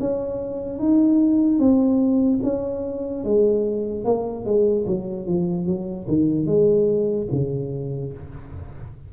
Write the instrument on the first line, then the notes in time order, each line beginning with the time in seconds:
tuba
0.00 C#4
0.79 D#4
1.59 C4
2.43 C#4
3.24 G#3
4.05 A#3
4.45 G#3
4.87 F#3
5.27 F3
5.66 F#3
6.08 D#3
6.46 G#3
7.32 C#3